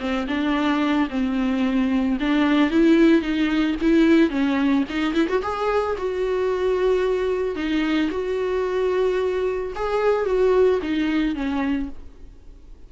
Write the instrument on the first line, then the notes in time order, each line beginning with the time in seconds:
viola
0.00 C4
0.28 D4
1.10 C4
2.20 D4
2.71 E4
3.21 D#4
3.81 E4
4.30 C#4
4.89 D#4
5.14 E4
5.28 F#4
5.43 G#4
5.98 F#4
7.56 D#4
8.11 F#4
9.75 G#4
10.26 F#4
10.82 D#4
11.35 C#4